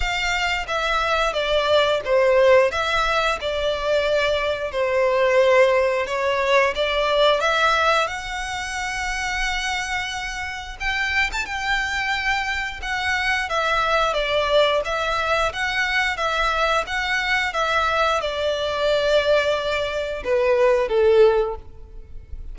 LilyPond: \new Staff \with { instrumentName = "violin" } { \time 4/4 \tempo 4 = 89 f''4 e''4 d''4 c''4 | e''4 d''2 c''4~ | c''4 cis''4 d''4 e''4 | fis''1 |
g''8. a''16 g''2 fis''4 | e''4 d''4 e''4 fis''4 | e''4 fis''4 e''4 d''4~ | d''2 b'4 a'4 | }